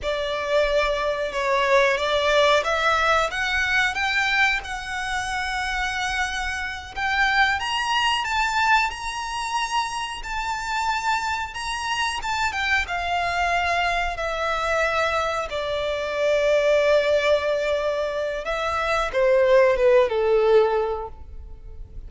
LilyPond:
\new Staff \with { instrumentName = "violin" } { \time 4/4 \tempo 4 = 91 d''2 cis''4 d''4 | e''4 fis''4 g''4 fis''4~ | fis''2~ fis''8 g''4 ais''8~ | ais''8 a''4 ais''2 a''8~ |
a''4. ais''4 a''8 g''8 f''8~ | f''4. e''2 d''8~ | d''1 | e''4 c''4 b'8 a'4. | }